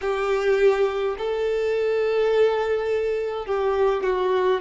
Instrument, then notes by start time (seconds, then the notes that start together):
violin
0.01 G4
1.18 A4
3.46 G4
4.03 F#4